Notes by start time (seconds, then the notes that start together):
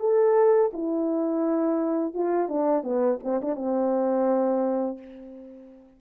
0.00 A4
0.73 E4
2.14 F4
2.48 D4
2.83 B3
3.23 C4
3.42 D4
3.56 C4